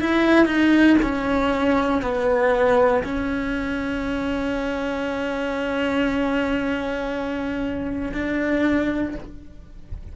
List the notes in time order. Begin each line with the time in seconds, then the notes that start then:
0.00 E4
0.46 D#4
1.02 C#4
2.02 B3
3.04 C#4
8.13 D4